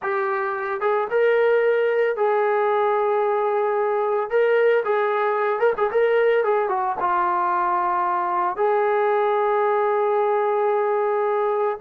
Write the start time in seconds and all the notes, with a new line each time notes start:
0.02 G4
0.80 G#4
1.10 A#4
2.16 G#4
4.30 A#4
4.85 G#4
5.59 A#4
5.77 G#4
5.91 A#4
6.44 G#4
6.68 F#4
7.00 F4
8.56 G#4